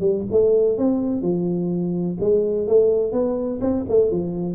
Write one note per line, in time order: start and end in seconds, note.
0.00 0.24 G3
0.31 0.78 A3
0.78 1.22 C4
1.22 2.17 F3
2.20 2.67 G#3
2.67 3.12 A3
3.12 3.60 B3
3.61 3.85 C4
3.89 4.11 A3
4.11 4.55 F3